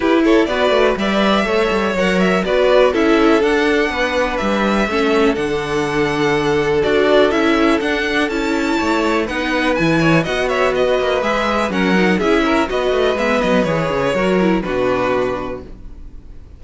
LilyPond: <<
  \new Staff \with { instrumentName = "violin" } { \time 4/4 \tempo 4 = 123 b'8 cis''8 d''4 e''2 | fis''8 e''8 d''4 e''4 fis''4~ | fis''4 e''2 fis''4~ | fis''2 d''4 e''4 |
fis''4 a''2 fis''4 | gis''4 fis''8 e''8 dis''4 e''4 | fis''4 e''4 dis''4 e''8 dis''8 | cis''2 b'2 | }
  \new Staff \with { instrumentName = "violin" } { \time 4/4 g'8 a'8 b'4 d''4 cis''4~ | cis''4 b'4 a'2 | b'2 a'2~ | a'1~ |
a'2 cis''4 b'4~ | b'8 cis''8 dis''8 cis''8 b'2 | ais'4 gis'8 ais'8 b'2~ | b'4 ais'4 fis'2 | }
  \new Staff \with { instrumentName = "viola" } { \time 4/4 e'4 fis'4 b'4 a'4 | ais'4 fis'4 e'4 d'4~ | d'2 cis'4 d'4~ | d'2 fis'4 e'4 |
d'4 e'2 dis'4 | e'4 fis'2 gis'4 | cis'8 dis'8 e'4 fis'4 b4 | gis'4 fis'8 e'8 d'2 | }
  \new Staff \with { instrumentName = "cello" } { \time 4/4 e'4 b8 a8 g4 a8 g8 | fis4 b4 cis'4 d'4 | b4 g4 a4 d4~ | d2 d'4 cis'4 |
d'4 cis'4 a4 b4 | e4 b4. ais8 gis4 | fis4 cis'4 b8 a8 gis8 fis8 | e8 cis8 fis4 b,2 | }
>>